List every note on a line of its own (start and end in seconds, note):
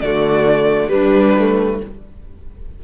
0.00 0.91 D3
0.00 0.88 A3
0.00 0.91 F#4
0.00 0.89 D5
0.88 1.34 G3
0.88 1.81 G3
0.88 1.81 D4
0.88 1.79 B4
1.38 1.83 A3